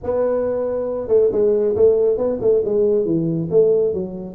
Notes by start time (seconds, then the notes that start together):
0.03 B3
1.08 A3
1.31 G#3
1.75 A3
2.17 B3
2.40 A3
2.64 G#3
3.05 E3
3.50 A3
3.93 F#3